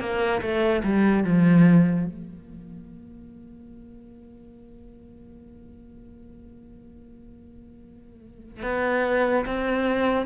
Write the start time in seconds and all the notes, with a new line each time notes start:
0.00 A#3
0.41 A3
0.84 G3
1.24 F3
2.06 A#3
8.63 B3
9.46 C4